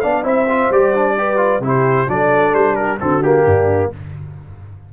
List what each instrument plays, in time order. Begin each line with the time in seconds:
0.00 tuba B3, trombone D4, horn D5, trumpet F5
0.23 tuba C4, trombone E4, horn C5, trumpet E5
0.49 trombone F4
0.70 tuba G3, trombone G4, trumpet D5
0.95 trombone D4
1.18 trombone G4, horn B4
1.37 trombone F4
1.60 tuba C3, trombone E4, horn G4
1.68 trumpet C5
2.08 tuba F#3, trombone D4, horn A4, trumpet D5
2.53 tuba G3, trumpet C5
2.75 horn G4, trumpet A#4
3.00 tuba D3, trombone C4, horn F#4, trumpet A4
3.23 trombone A#3, trumpet G4
3.46 tuba G2, horn D4